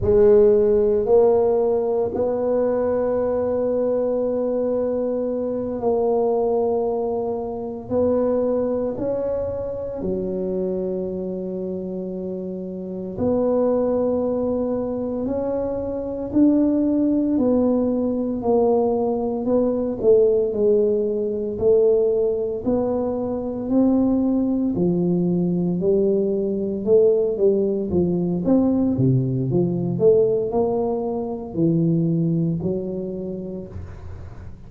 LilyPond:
\new Staff \with { instrumentName = "tuba" } { \time 4/4 \tempo 4 = 57 gis4 ais4 b2~ | b4. ais2 b8~ | b8 cis'4 fis2~ fis8~ | fis8 b2 cis'4 d'8~ |
d'8 b4 ais4 b8 a8 gis8~ | gis8 a4 b4 c'4 f8~ | f8 g4 a8 g8 f8 c'8 c8 | f8 a8 ais4 e4 fis4 | }